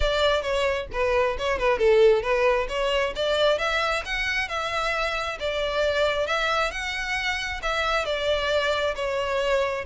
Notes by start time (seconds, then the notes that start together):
0.00 D5
0.42 C#5
0.92 B4
1.38 C#5
1.58 B4
1.78 A4
2.22 B4
2.69 C#5
3.15 D5
3.58 E5
4.05 F#5
4.48 E5
5.39 D5
6.26 E5
6.71 F#5
7.62 E5
8.05 D5
8.95 C#5